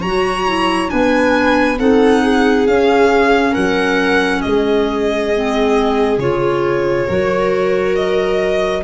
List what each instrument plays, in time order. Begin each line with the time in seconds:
0.00 tuba F#3, clarinet F#4, viola C#5, violin A#5
0.47 clarinet E4
0.88 tuba B3, clarinet D4, viola B4, violin G#5
1.79 tuba C4, clarinet D#4, viola A4, violin F#5
2.21 viola G#4
2.67 tuba C#4, clarinet C#4, violin F5
3.51 tuba F#3, viola A#4, violin F#5
4.41 tuba G#3, viola G#4, violin D#5
5.34 clarinet C4
6.17 tuba C#3, clarinet F4, violin C#5
7.07 tuba F#3, clarinet F#4, viola A#4
7.95 violin D#5